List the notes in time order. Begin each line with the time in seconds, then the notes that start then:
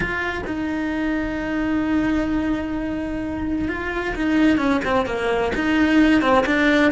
0.00 F4
0.46 D#4
3.68 F4
4.15 D#4
4.57 C#4
4.84 C4
5.06 A#3
5.55 D#4
6.21 C4
6.46 D4